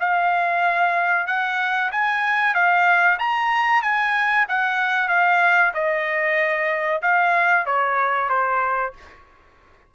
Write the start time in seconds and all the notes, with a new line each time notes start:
0.00 F5
1.27 F#5
1.91 G#5
2.54 F5
3.18 A#5
3.82 G#5
4.48 F#5
5.08 F5
5.74 D#5
7.02 F5
7.66 C#5
8.29 C5